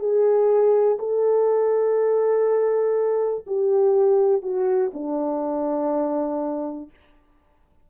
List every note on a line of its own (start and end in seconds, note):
0.00 0.98 G#4
1.00 3.46 A4
3.47 4.43 G4
4.43 4.92 F#4
4.94 6.91 D4